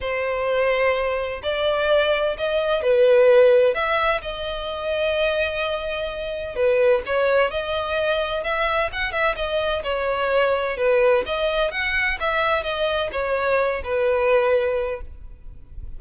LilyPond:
\new Staff \with { instrumentName = "violin" } { \time 4/4 \tempo 4 = 128 c''2. d''4~ | d''4 dis''4 b'2 | e''4 dis''2.~ | dis''2 b'4 cis''4 |
dis''2 e''4 fis''8 e''8 | dis''4 cis''2 b'4 | dis''4 fis''4 e''4 dis''4 | cis''4. b'2~ b'8 | }